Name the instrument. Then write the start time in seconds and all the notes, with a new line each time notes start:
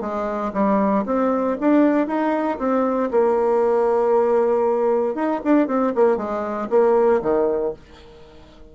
bassoon
0.00 G#3
0.53 G3
1.05 C4
1.60 D4
2.07 D#4
2.58 C4
3.10 A#3
5.15 D#4
5.44 D4
5.67 C4
5.95 A#3
6.17 G#3
6.69 A#3
7.21 D#3